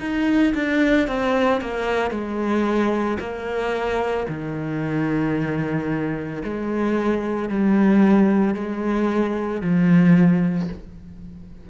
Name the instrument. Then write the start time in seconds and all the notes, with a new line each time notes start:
cello
0.00 D#4
0.54 D4
1.08 C4
1.61 A#3
2.10 G#3
3.19 A#3
4.29 D#3
6.44 G#3
7.49 G3
8.54 G#3
9.61 F3